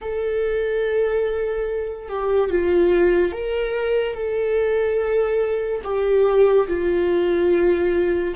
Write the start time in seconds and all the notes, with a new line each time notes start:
0.01 A4
2.08 G4
2.50 F4
3.32 A#4
4.14 A4
5.83 G4
6.67 F4